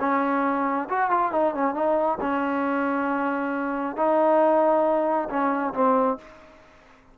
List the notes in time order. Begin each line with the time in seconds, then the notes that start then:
0.00 C#4
0.89 F#4
1.10 F4
1.32 D#4
1.54 C#4
1.74 D#4
2.21 C#4
3.96 D#4
5.29 C#4
5.74 C4